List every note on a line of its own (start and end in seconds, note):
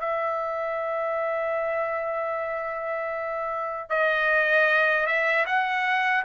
0.00 3.90 E5
3.90 5.06 D#5
5.06 5.45 E5
5.46 6.24 F#5